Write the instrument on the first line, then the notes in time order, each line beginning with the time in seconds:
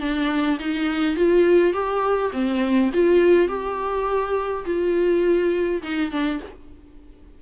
viola
0.00 D4
0.59 D#4
1.16 F4
1.73 G4
2.32 C4
2.94 F4
3.48 G4
4.65 F4
5.83 D#4
6.11 D4